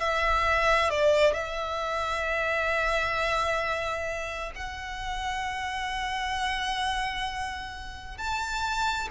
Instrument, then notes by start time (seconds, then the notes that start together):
violin
0.00 E5
0.90 D5
1.33 E5
4.55 F#5
8.17 A5